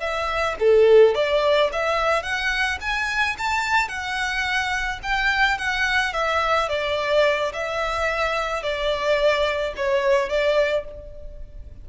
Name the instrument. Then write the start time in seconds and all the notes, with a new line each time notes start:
violin
0.00 E5
0.60 A4
1.15 D5
1.72 E5
2.23 F#5
2.81 G#5
3.38 A5
3.88 F#5
5.03 G5
5.58 F#5
6.13 E5
6.69 D5
7.53 E5
8.63 D5
9.76 C#5
10.29 D5